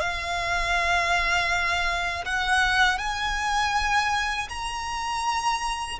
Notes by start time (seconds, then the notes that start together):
0.00 F5
2.25 F#5
2.98 G#5
4.49 A#5